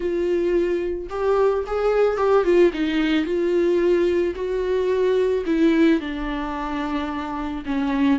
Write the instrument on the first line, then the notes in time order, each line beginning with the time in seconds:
viola
0.00 F4
1.09 G4
1.66 G#4
2.17 G4
2.44 F4
2.73 D#4
3.25 F4
4.35 F#4
5.45 E4
6.00 D4
7.65 C#4